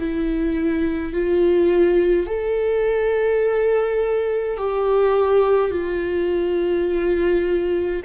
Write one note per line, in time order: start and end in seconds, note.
0.00 1.13 E4
1.13 2.27 F4
2.27 4.58 A4
4.58 5.71 G4
5.71 8.02 F4